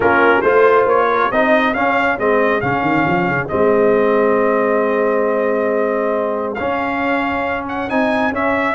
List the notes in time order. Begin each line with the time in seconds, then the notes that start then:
0.00 A#3 C#4 F4 A#4
0.41 A3 F4 C5
0.85 A#3 C#5
1.12 A#4
1.31 C4 D#4 G#4 D#5
1.74 C#4 F5
2.18 G#3 C4 D#5
2.61 C#3 C#4 F5
2.82 D#3
3.06 F3
3.28 C#3
3.48 G#3 C4 D#5
6.54 C#4 F5
7.68 F#5
7.89 C4 D#4 G#5
8.32 C#4 E5